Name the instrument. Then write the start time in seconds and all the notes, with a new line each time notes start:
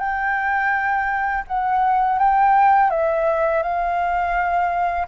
flute
0.00 G5
1.48 F#5
2.19 G5
2.90 E5
3.63 F5